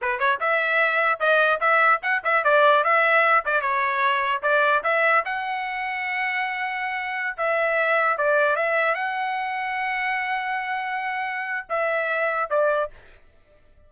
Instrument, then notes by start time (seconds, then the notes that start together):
trumpet
0.01 B4
0.19 C#5
0.40 E5
1.19 D#5
1.60 E5
2.02 F#5
2.24 E5
2.43 D5
2.84 E5
3.45 D5
3.61 C#5
4.42 D5
4.83 E5
5.25 F#5
7.37 E5
8.17 D5
8.56 E5
8.95 F#5
11.69 E5
12.49 D5